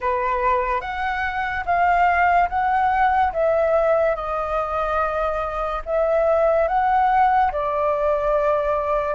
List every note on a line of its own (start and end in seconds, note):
0.00 0.80 B4
0.80 1.64 F#5
1.65 2.48 F5
2.49 3.32 F#5
3.33 4.15 E5
4.15 5.82 D#5
5.85 6.68 E5
6.68 7.51 F#5
7.52 9.14 D5